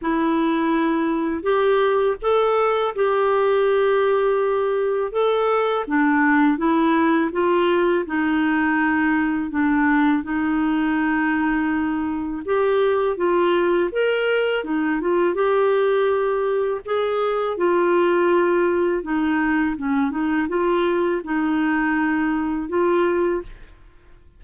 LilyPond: \new Staff \with { instrumentName = "clarinet" } { \time 4/4 \tempo 4 = 82 e'2 g'4 a'4 | g'2. a'4 | d'4 e'4 f'4 dis'4~ | dis'4 d'4 dis'2~ |
dis'4 g'4 f'4 ais'4 | dis'8 f'8 g'2 gis'4 | f'2 dis'4 cis'8 dis'8 | f'4 dis'2 f'4 | }